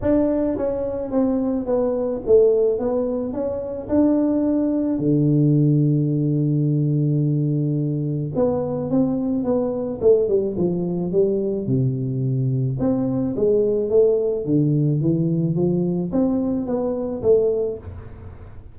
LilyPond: \new Staff \with { instrumentName = "tuba" } { \time 4/4 \tempo 4 = 108 d'4 cis'4 c'4 b4 | a4 b4 cis'4 d'4~ | d'4 d2.~ | d2. b4 |
c'4 b4 a8 g8 f4 | g4 c2 c'4 | gis4 a4 d4 e4 | f4 c'4 b4 a4 | }